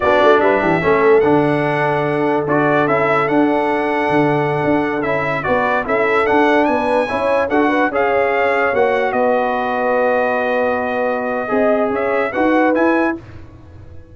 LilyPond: <<
  \new Staff \with { instrumentName = "trumpet" } { \time 4/4 \tempo 4 = 146 d''4 e''2 fis''4~ | fis''2 d''4 e''4 | fis''1~ | fis''16 e''4 d''4 e''4 fis''8.~ |
fis''16 gis''2 fis''4 f''8.~ | f''4~ f''16 fis''4 dis''4.~ dis''16~ | dis''1~ | dis''4 e''4 fis''4 gis''4 | }
  \new Staff \with { instrumentName = "horn" } { \time 4/4 fis'4 b'8 g'8 a'2~ | a'1~ | a'1~ | a'4~ a'16 b'4 a'4.~ a'16~ |
a'16 b'4 cis''4 a'8 b'8 cis''8.~ | cis''2~ cis''16 b'4.~ b'16~ | b'1 | dis''4 cis''4 b'2 | }
  \new Staff \with { instrumentName = "trombone" } { \time 4/4 d'2 cis'4 d'4~ | d'2 fis'4 e'4 | d'1~ | d'16 e'4 fis'4 e'4 d'8.~ |
d'4~ d'16 e'4 fis'4 gis'8.~ | gis'4~ gis'16 fis'2~ fis'8.~ | fis'1 | gis'2 fis'4 e'4 | }
  \new Staff \with { instrumentName = "tuba" } { \time 4/4 b8 a8 g8 e8 a4 d4~ | d2 d'4 cis'4 | d'2 d4~ d16 d'8.~ | d'16 cis'4 b4 cis'4 d'8.~ |
d'16 b4 cis'4 d'4 cis'8.~ | cis'4~ cis'16 ais4 b4.~ b16~ | b1 | c'4 cis'4 dis'4 e'4 | }
>>